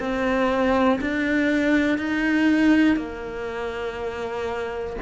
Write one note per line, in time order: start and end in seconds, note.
0.00 1.00 C4
1.01 1.99 D4
1.99 2.96 D#4
2.96 4.96 A#3